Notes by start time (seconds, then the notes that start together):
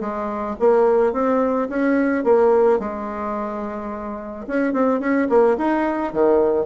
0.00 G#3
0.59 A#3
1.12 C4
1.69 C#4
2.24 A#3
2.79 G#3
4.47 C#4
4.73 C4
5.00 C#4
5.29 A#3
5.57 D#4
6.12 D#3